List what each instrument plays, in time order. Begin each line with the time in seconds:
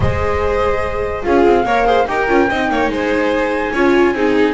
0.00 double bass G#3, viola G#4, violin C5, flute D#5
1.23 double bass C#4, viola F4, violin G#4, flute F5
1.45 double bass C4
1.65 double bass A#3, viola A#4, violin C#5
1.85 viola G#4, violin C5
2.06 double bass D#4, viola G4, violin A#4, flute G5
2.28 double bass C#4, viola F4
2.49 double bass C4, viola D#4, violin D#5
2.69 double bass A#3, violin C#5
2.88 double bass G#3, violin C5, flute G#5
3.71 double bass C#4, viola F4, violin C#5
4.12 double bass C4, viola D#4, violin G#4